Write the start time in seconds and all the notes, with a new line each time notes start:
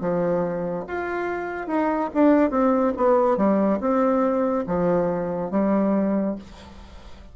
0.00 F3
0.87 F4
1.67 D#4
2.14 D4
2.50 C4
2.96 B3
3.36 G3
3.80 C4
4.66 F3
5.50 G3